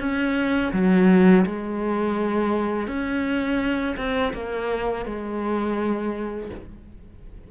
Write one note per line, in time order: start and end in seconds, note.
0.00 0.72 C#4
0.73 1.45 F#3
1.46 2.88 G#3
2.88 3.96 C#4
3.97 4.33 C4
4.34 5.06 A#3
5.06 6.50 G#3